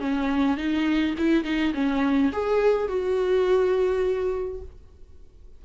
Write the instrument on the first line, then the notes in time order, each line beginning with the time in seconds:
viola
0.00 C#4
0.57 D#4
1.18 E4
1.44 D#4
1.74 C#4
2.32 G#4
2.88 F#4